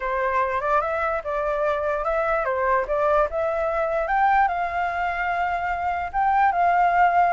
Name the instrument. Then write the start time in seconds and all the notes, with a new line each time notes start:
flute
0.00 C5
0.60 D5
0.81 E5
1.24 D5
2.04 E5
2.44 C5
2.87 D5
3.30 E5
4.07 G5
4.47 F5
6.12 G5
6.52 F5